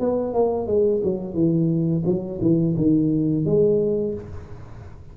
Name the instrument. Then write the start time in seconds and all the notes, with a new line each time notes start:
tuba
0.00 B3
0.34 A#3
0.67 G#3
1.04 F#3
1.34 E3
2.06 F#3
2.42 E3
2.77 D#3
3.46 G#3